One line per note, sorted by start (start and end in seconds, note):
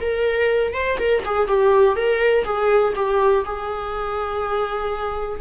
0.00 0.73 A#4
0.73 0.98 C5
0.98 1.23 A#4
1.25 1.47 G#4
1.47 1.96 G4
1.96 2.44 A#4
2.44 2.93 G#4
2.95 3.44 G4
3.45 5.41 G#4